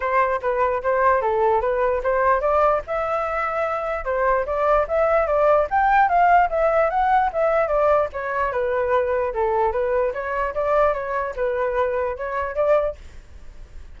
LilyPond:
\new Staff \with { instrumentName = "flute" } { \time 4/4 \tempo 4 = 148 c''4 b'4 c''4 a'4 | b'4 c''4 d''4 e''4~ | e''2 c''4 d''4 | e''4 d''4 g''4 f''4 |
e''4 fis''4 e''4 d''4 | cis''4 b'2 a'4 | b'4 cis''4 d''4 cis''4 | b'2 cis''4 d''4 | }